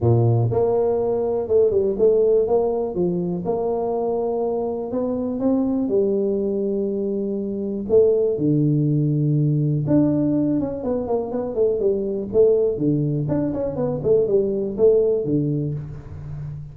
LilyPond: \new Staff \with { instrumentName = "tuba" } { \time 4/4 \tempo 4 = 122 ais,4 ais2 a8 g8 | a4 ais4 f4 ais4~ | ais2 b4 c'4 | g1 |
a4 d2. | d'4. cis'8 b8 ais8 b8 a8 | g4 a4 d4 d'8 cis'8 | b8 a8 g4 a4 d4 | }